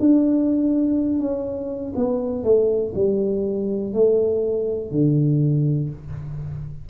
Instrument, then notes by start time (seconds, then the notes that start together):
tuba
0.00 D4
1.20 C#4
1.96 B3
2.44 A3
2.95 G3
3.93 A3
4.92 D3